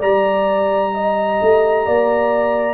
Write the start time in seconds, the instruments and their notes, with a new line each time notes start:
0.00 tuba G3, trombone G4, horn D5, trumpet A#5
0.94 horn D#5
1.42 tuba A3
1.86 tuba A#3, horn D5